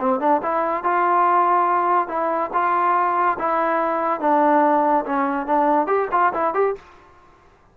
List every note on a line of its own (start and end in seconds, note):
0.00 0.20 C4
0.20 0.41 D4
0.42 0.84 E4
0.84 2.08 F4
2.08 2.50 E4
2.53 3.38 F4
3.39 4.20 E4
4.20 5.05 D4
5.06 5.47 C#4
5.47 5.87 D4
5.87 6.08 G4
6.12 6.33 F4
6.34 6.54 E4
6.54 6.75 G4